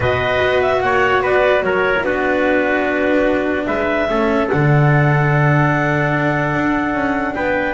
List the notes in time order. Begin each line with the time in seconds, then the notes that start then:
0.00 B2 F#4 B4 D#5
0.41 B3
0.62 E5
0.81 A#3 C#5 F#5
1.22 B3 B4 D5
1.62 F#3 A#4 C#5
1.97 B3 E4 B4
2.04 D4 F#4
3.66 G#3 B4 E5
4.09 A3 C#4 A4
4.49 D3 D4 F#5
6.54 D4
6.93 C#4
7.34 B3 B4 G5